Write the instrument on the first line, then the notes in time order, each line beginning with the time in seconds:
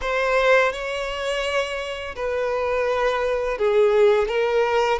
violin
0.01 C5
0.72 C#5
2.15 B4
3.57 G#4
4.28 A#4